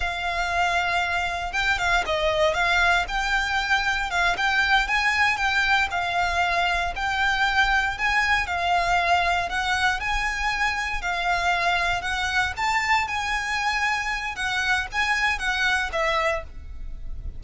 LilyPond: \new Staff \with { instrumentName = "violin" } { \time 4/4 \tempo 4 = 117 f''2. g''8 f''8 | dis''4 f''4 g''2 | f''8 g''4 gis''4 g''4 f''8~ | f''4. g''2 gis''8~ |
gis''8 f''2 fis''4 gis''8~ | gis''4. f''2 fis''8~ | fis''8 a''4 gis''2~ gis''8 | fis''4 gis''4 fis''4 e''4 | }